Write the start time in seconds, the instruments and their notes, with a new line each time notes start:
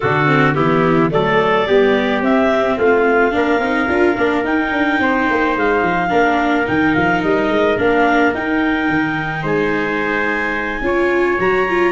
0.00 tuba D3, viola D4, trumpet F#4, clarinet A4
0.26 viola C4
0.54 tuba E3, viola B3, trumpet E4, clarinet G4
1.10 tuba F#3, viola A3, trumpet A4, clarinet D5
1.67 tuba G3, viola B3, trumpet G4
2.20 tuba C4, viola C4, clarinet E5
2.77 tuba A3, trumpet F4, clarinet F5
3.31 tuba A#3, viola D4, trumpet A#4
3.59 tuba C4, viola D#4
3.88 tuba D4, viola F4
4.17 tuba A#3, viola D4
4.44 tuba D#4, viola D#4, clarinet G5
4.71 tuba D4
4.99 tuba C4, trumpet C5
5.29 tuba A#3
5.56 tuba G#3, clarinet F5
5.82 tuba F3
6.09 tuba A#3, viola D4, trumpet A#4
6.65 tuba D#3, viola D#4, clarinet G5
6.94 tuba F3, clarinet F5
7.22 tuba G3, clarinet D#5
7.49 tuba G#3
7.77 tuba A#3, viola D4, clarinet F5
8.34 tuba D#4, viola D#4, clarinet G5
8.88 tuba D#3
9.42 tuba G#3, trumpet C5, clarinet G#5
10.81 tuba C#4, viola F4, trumpet C#5
11.39 tuba F#3, viola F#4, clarinet A#5
11.69 viola F4